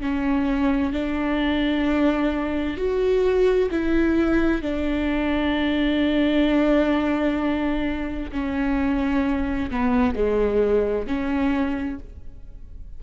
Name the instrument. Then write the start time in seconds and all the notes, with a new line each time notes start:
viola
0.00 C#4
0.92 D4
2.77 F#4
3.70 E4
4.61 D4
8.32 C#4
9.70 B3
10.15 G#3
11.06 C#4